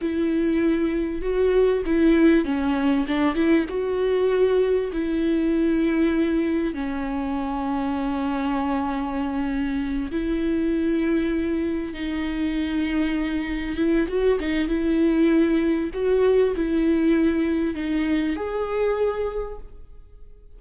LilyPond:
\new Staff \with { instrumentName = "viola" } { \time 4/4 \tempo 4 = 98 e'2 fis'4 e'4 | cis'4 d'8 e'8 fis'2 | e'2. cis'4~ | cis'1~ |
cis'8 e'2. dis'8~ | dis'2~ dis'8 e'8 fis'8 dis'8 | e'2 fis'4 e'4~ | e'4 dis'4 gis'2 | }